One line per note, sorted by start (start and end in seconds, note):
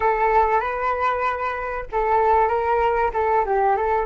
0.00 0.60 A4
0.60 1.85 B4
1.91 2.48 A4
2.48 3.11 A#4
3.13 3.44 A4
3.45 3.76 G4
3.76 4.05 A4